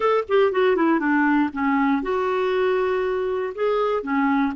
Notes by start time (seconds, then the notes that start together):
0.00 A4
0.28 G4
0.52 F#4
0.76 E4
0.99 D4
1.52 C#4
2.02 F#4
3.54 G#4
4.02 C#4